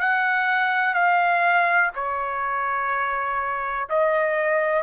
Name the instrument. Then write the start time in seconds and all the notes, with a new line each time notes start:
trumpet
0.00 F#5
0.95 F5
1.95 C#5
3.90 D#5